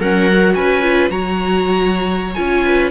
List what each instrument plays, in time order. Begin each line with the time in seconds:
0.00 cello F#3, viola C#4 A#4, oboe F#5
0.32 viola F#4
0.54 cello C#4, viola B4, oboe G#5
0.83 viola F4
1.10 cello F#3, viola F#4 C#5, oboe A#5
2.35 cello C#4, viola F4, oboe G#5
2.65 viola B4